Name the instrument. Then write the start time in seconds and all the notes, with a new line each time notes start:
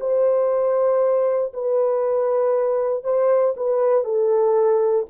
horn
0.00 C5
1.53 B4
3.04 C5
3.56 B4
4.04 A4